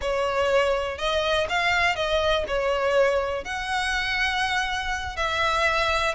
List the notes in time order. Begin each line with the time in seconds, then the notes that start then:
0.01 C#5
0.97 D#5
1.49 F5
1.95 D#5
2.47 C#5
3.44 F#5
5.16 E5